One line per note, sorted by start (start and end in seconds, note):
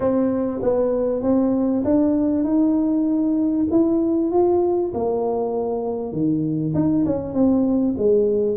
0.00 0.60 C4
0.62 1.22 B3
1.22 1.83 C4
1.84 2.44 D4
2.44 3.66 D#4
3.70 4.31 E4
4.31 4.92 F4
4.94 6.12 A#3
6.12 6.73 D#3
6.74 7.04 D#4
7.05 7.33 C#4
7.33 7.94 C4
7.97 8.56 G#3